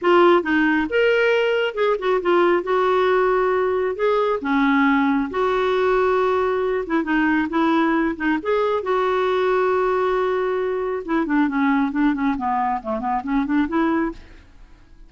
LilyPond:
\new Staff \with { instrumentName = "clarinet" } { \time 4/4 \tempo 4 = 136 f'4 dis'4 ais'2 | gis'8 fis'8 f'4 fis'2~ | fis'4 gis'4 cis'2 | fis'2.~ fis'8 e'8 |
dis'4 e'4. dis'8 gis'4 | fis'1~ | fis'4 e'8 d'8 cis'4 d'8 cis'8 | b4 a8 b8 cis'8 d'8 e'4 | }